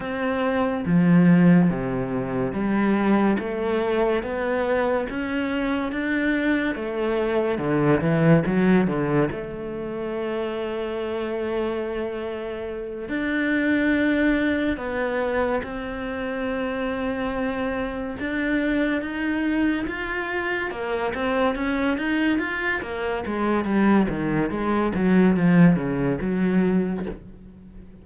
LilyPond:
\new Staff \with { instrumentName = "cello" } { \time 4/4 \tempo 4 = 71 c'4 f4 c4 g4 | a4 b4 cis'4 d'4 | a4 d8 e8 fis8 d8 a4~ | a2.~ a8 d'8~ |
d'4. b4 c'4.~ | c'4. d'4 dis'4 f'8~ | f'8 ais8 c'8 cis'8 dis'8 f'8 ais8 gis8 | g8 dis8 gis8 fis8 f8 cis8 fis4 | }